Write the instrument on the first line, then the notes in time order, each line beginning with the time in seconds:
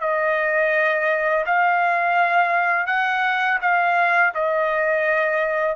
trumpet
0.00 D#5
1.46 F5
2.86 F#5
3.61 F5
4.34 D#5